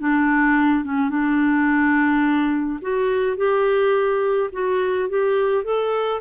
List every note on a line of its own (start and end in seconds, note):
0.00 0.85 D4
0.85 1.10 C#4
1.10 2.80 D4
2.82 3.37 F#4
3.37 4.50 G4
4.53 5.09 F#4
5.09 5.64 G4
5.64 6.21 A4